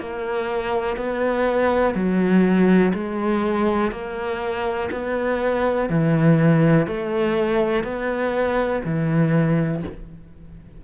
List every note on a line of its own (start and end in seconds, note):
0.00 0.97 A#3
0.97 1.94 B3
1.94 2.93 F#3
2.94 3.92 G#3
3.92 4.90 A#3
4.92 5.90 B3
5.90 6.87 E3
6.87 7.84 A3
7.84 8.82 B3
8.85 9.83 E3